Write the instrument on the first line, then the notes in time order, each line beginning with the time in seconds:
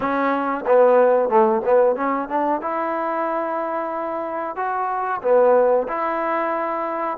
trombone
0.00 C#4
0.66 B3
1.29 A3
1.64 B3
1.96 C#4
2.28 D4
2.61 E4
4.56 F#4
5.22 B3
5.88 E4